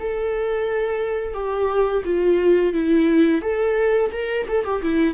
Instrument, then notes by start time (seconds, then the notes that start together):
viola
0.00 A4
1.34 G4
2.05 F4
2.74 E4
3.42 A4
4.13 A#4
4.49 A4
4.65 G4
4.83 E4